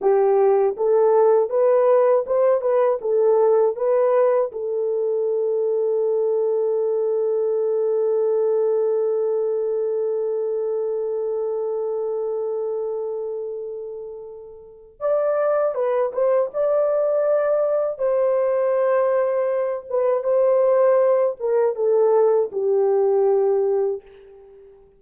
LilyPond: \new Staff \with { instrumentName = "horn" } { \time 4/4 \tempo 4 = 80 g'4 a'4 b'4 c''8 b'8 | a'4 b'4 a'2~ | a'1~ | a'1~ |
a'1 | d''4 b'8 c''8 d''2 | c''2~ c''8 b'8 c''4~ | c''8 ais'8 a'4 g'2 | }